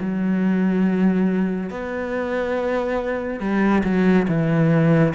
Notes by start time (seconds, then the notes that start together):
0.00 F#3
1.70 B3
3.40 G3
3.84 F#3
4.28 E3